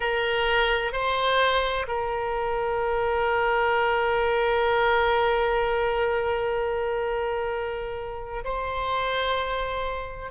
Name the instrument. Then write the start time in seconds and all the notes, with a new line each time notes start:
oboe
0.00 A#4
0.92 C5
1.87 A#4
8.44 C5